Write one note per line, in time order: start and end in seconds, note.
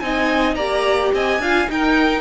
0.00 0.56 C4
0.00 0.58 D#4
0.00 0.56 D#5
0.00 0.55 G#5
0.55 1.12 A#3
0.55 1.42 G4
0.55 1.12 D5
0.55 1.11 A#5
1.13 1.39 C4
1.13 1.41 D#5
1.13 1.71 G#5
1.39 1.67 D4
1.39 1.67 F4
1.39 1.70 F5
1.67 2.21 D#4
1.67 2.21 A#4
1.67 2.21 G5